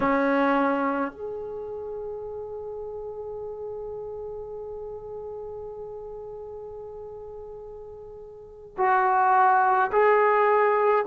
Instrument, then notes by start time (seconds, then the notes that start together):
trombone
0.00 C#4
1.12 G#4
8.77 F#4
9.92 G#4